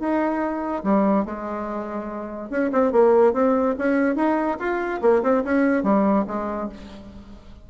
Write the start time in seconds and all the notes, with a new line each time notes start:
0.00 D#4
0.84 G3
1.25 G#3
2.50 C#4
2.73 C4
2.92 A#3
3.34 C4
3.79 C#4
4.16 D#4
4.59 F4
5.02 A#3
5.23 C4
5.44 C#4
5.83 G3
6.28 G#3